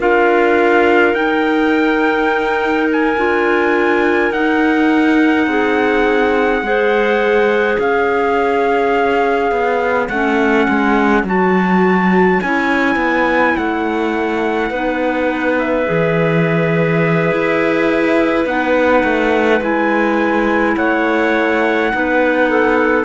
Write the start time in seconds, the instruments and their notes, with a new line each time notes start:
0.00 cello D4, clarinet F4 A#4, trumpet F5
1.14 cello D#4, clarinet D#4, trumpet G5
2.93 trumpet G#5
3.18 cello D4, clarinet F4
4.31 cello D#4, clarinet D#4, trumpet F#5
5.47 cello C4, clarinet G#4
6.62 cello G#3, clarinet G#4 C5
7.79 cello C#4, clarinet C#5, trumpet F5
9.51 cello B3
10.09 cello A3, clarinet C#4, trumpet F#5
10.69 cello G#3
11.24 cello F#3, clarinet F#4, trumpet A5
12.42 cello C#4, clarinet E4, trumpet G#5
12.96 cello B3
13.57 cello A3, trumpet F#5
14.69 cello B3, clarinet D#4 B4
15.59 trumpet E5
15.86 cello E3, clarinet G#4
17.31 cello E4
18.46 cello B3, clarinet D#4, trumpet F#5
19.04 cello A3
19.61 cello G#3, clarinet E4, trumpet G#5
20.77 cello A3, clarinet C#5, trumpet F#5
21.92 cello B3, clarinet D#4 B4
22.50 clarinet A4